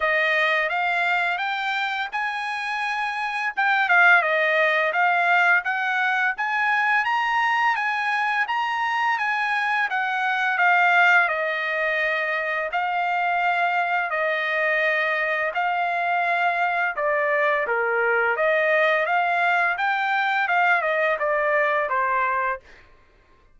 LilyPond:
\new Staff \with { instrumentName = "trumpet" } { \time 4/4 \tempo 4 = 85 dis''4 f''4 g''4 gis''4~ | gis''4 g''8 f''8 dis''4 f''4 | fis''4 gis''4 ais''4 gis''4 | ais''4 gis''4 fis''4 f''4 |
dis''2 f''2 | dis''2 f''2 | d''4 ais'4 dis''4 f''4 | g''4 f''8 dis''8 d''4 c''4 | }